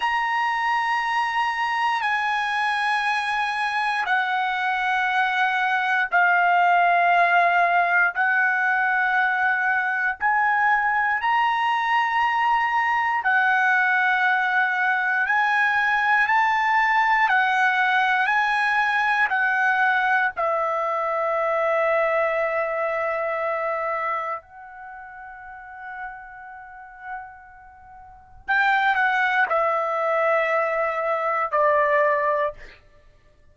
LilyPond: \new Staff \with { instrumentName = "trumpet" } { \time 4/4 \tempo 4 = 59 ais''2 gis''2 | fis''2 f''2 | fis''2 gis''4 ais''4~ | ais''4 fis''2 gis''4 |
a''4 fis''4 gis''4 fis''4 | e''1 | fis''1 | g''8 fis''8 e''2 d''4 | }